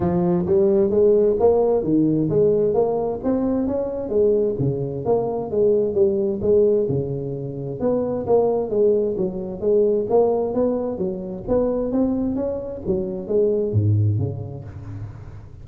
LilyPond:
\new Staff \with { instrumentName = "tuba" } { \time 4/4 \tempo 4 = 131 f4 g4 gis4 ais4 | dis4 gis4 ais4 c'4 | cis'4 gis4 cis4 ais4 | gis4 g4 gis4 cis4~ |
cis4 b4 ais4 gis4 | fis4 gis4 ais4 b4 | fis4 b4 c'4 cis'4 | fis4 gis4 gis,4 cis4 | }